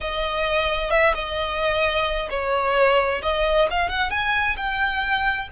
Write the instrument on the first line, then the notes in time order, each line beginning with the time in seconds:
violin
0.00 D#5
0.90 E5
1.14 D#5
2.29 C#5
3.22 D#5
3.70 F5
3.88 F#5
4.10 G#5
4.56 G5